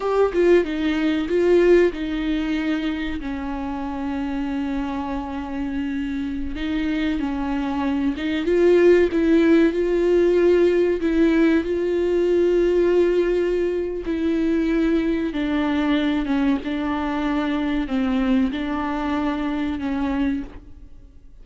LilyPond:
\new Staff \with { instrumentName = "viola" } { \time 4/4 \tempo 4 = 94 g'8 f'8 dis'4 f'4 dis'4~ | dis'4 cis'2.~ | cis'2~ cis'16 dis'4 cis'8.~ | cis'8. dis'8 f'4 e'4 f'8.~ |
f'4~ f'16 e'4 f'4.~ f'16~ | f'2 e'2 | d'4. cis'8 d'2 | c'4 d'2 cis'4 | }